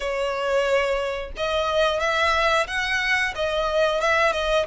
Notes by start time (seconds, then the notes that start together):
0.00 C#5
1.36 D#5
2.00 E5
2.67 F#5
3.35 D#5
4.00 E5
4.32 D#5